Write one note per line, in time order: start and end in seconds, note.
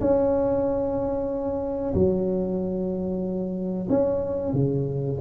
0.00 1.94 C#4
1.94 3.88 F#3
3.89 4.52 C#4
4.52 5.17 C#3